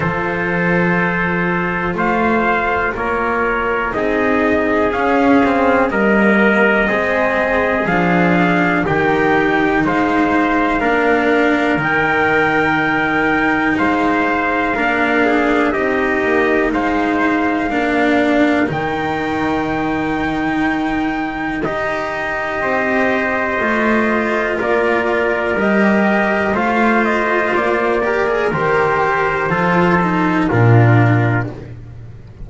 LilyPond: <<
  \new Staff \with { instrumentName = "trumpet" } { \time 4/4 \tempo 4 = 61 c''2 f''4 cis''4 | dis''4 f''4 dis''2 | f''4 g''4 f''2 | g''2 f''2 |
dis''4 f''2 g''4~ | g''2 dis''2~ | dis''4 d''4 dis''4 f''8 dis''8 | d''4 c''2 ais'4 | }
  \new Staff \with { instrumentName = "trumpet" } { \time 4/4 a'2 c''4 ais'4 | gis'2 ais'4 gis'4~ | gis'4 g'4 c''4 ais'4~ | ais'2 c''4 ais'8 gis'8 |
g'4 c''4 ais'2~ | ais'2. c''4~ | c''4 ais'2 c''4~ | c''8 ais'4. a'4 f'4 | }
  \new Staff \with { instrumentName = "cello" } { \time 4/4 f'1 | dis'4 cis'8 c'8 ais4 c'4 | d'4 dis'2 d'4 | dis'2. d'4 |
dis'2 d'4 dis'4~ | dis'2 g'2 | f'2 g'4 f'4~ | f'8 g'16 gis'16 g'4 f'8 dis'8 d'4 | }
  \new Staff \with { instrumentName = "double bass" } { \time 4/4 f2 a4 ais4 | c'4 cis'4 g4 gis4 | f4 dis4 gis4 ais4 | dis2 gis4 ais4 |
c'8 ais8 gis4 ais4 dis4~ | dis2 dis'4 c'4 | a4 ais4 g4 a4 | ais4 dis4 f4 ais,4 | }
>>